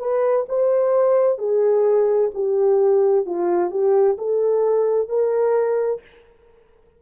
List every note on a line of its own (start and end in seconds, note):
0.00 0.46 B4
0.49 1.38 C5
1.38 2.31 G#4
2.35 3.26 G4
3.26 3.71 F4
3.71 4.17 G4
4.18 5.09 A4
5.09 6.01 A#4